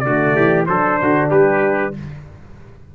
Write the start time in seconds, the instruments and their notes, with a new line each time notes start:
0.00 tuba D3, trumpet F#4 D5
0.06 horn A3
0.36 tuba E3, trumpet G4
0.66 tuba F#3, horn D4, trumpet A4 C5
1.01 tuba D3, trumpet F#4
1.31 tuba G3, trumpet G4 B4